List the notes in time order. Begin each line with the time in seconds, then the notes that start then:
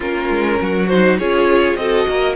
0.00 A#3 C#4 F4 A#4
0.29 G#3
0.61 F#3 F#4
0.87 D#4 C5
1.18 C#4 F4 G#4 C#5
1.75 C4 F#4 A4 D#5
2.08 A#3 A#4